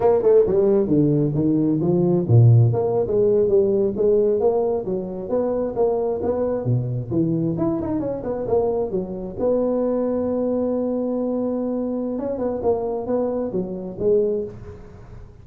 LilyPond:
\new Staff \with { instrumentName = "tuba" } { \time 4/4 \tempo 4 = 133 ais8 a8 g4 d4 dis4 | f4 ais,4 ais8. gis4 g16~ | g8. gis4 ais4 fis4 b16~ | b8. ais4 b4 b,4 e16~ |
e8. e'8 dis'8 cis'8 b8 ais4 fis16~ | fis8. b2.~ b16~ | b2. cis'8 b8 | ais4 b4 fis4 gis4 | }